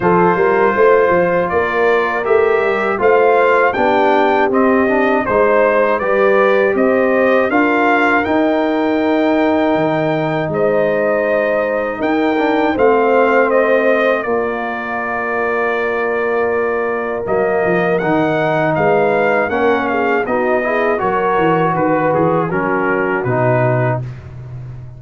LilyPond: <<
  \new Staff \with { instrumentName = "trumpet" } { \time 4/4 \tempo 4 = 80 c''2 d''4 e''4 | f''4 g''4 dis''4 c''4 | d''4 dis''4 f''4 g''4~ | g''2 dis''2 |
g''4 f''4 dis''4 d''4~ | d''2. dis''4 | fis''4 f''4 fis''8 f''8 dis''4 | cis''4 b'8 gis'8 ais'4 b'4 | }
  \new Staff \with { instrumentName = "horn" } { \time 4/4 a'8 ais'8 c''4 ais'2 | c''4 g'2 c''4 | b'4 c''4 ais'2~ | ais'2 c''2 |
ais'4 c''2 ais'4~ | ais'1~ | ais'4 b'4 ais'8 gis'8 fis'8 gis'8 | ais'4 b'4 fis'2 | }
  \new Staff \with { instrumentName = "trombone" } { \time 4/4 f'2. g'4 | f'4 d'4 c'8 d'8 dis'4 | g'2 f'4 dis'4~ | dis'1~ |
dis'8 d'8 c'2 f'4~ | f'2. ais4 | dis'2 cis'4 dis'8 e'8 | fis'2 cis'4 dis'4 | }
  \new Staff \with { instrumentName = "tuba" } { \time 4/4 f8 g8 a8 f8 ais4 a8 g8 | a4 b4 c'4 gis4 | g4 c'4 d'4 dis'4~ | dis'4 dis4 gis2 |
dis'4 a2 ais4~ | ais2. fis8 f8 | dis4 gis4 ais4 b4 | fis8 e8 dis8 e8 fis4 b,4 | }
>>